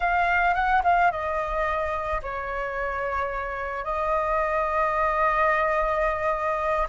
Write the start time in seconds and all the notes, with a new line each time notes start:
0.00 F5
0.54 F#5
0.83 F5
1.11 D#5
2.22 C#5
3.84 D#5